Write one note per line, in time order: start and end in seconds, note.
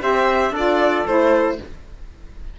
0.00 0.51 C4
0.00 0.52 G4
0.00 0.53 C5
0.00 0.54 E5
0.51 1.03 D4
0.51 1.07 F4
0.51 1.57 A4
0.51 1.07 D5
1.06 1.58 A3
1.06 1.59 E4
1.06 1.59 C5